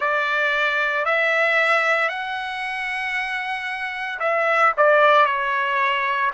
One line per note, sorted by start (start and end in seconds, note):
0.00 1.05 D5
1.05 2.08 E5
2.08 4.19 F#5
4.19 4.72 E5
4.77 5.25 D5
5.25 6.31 C#5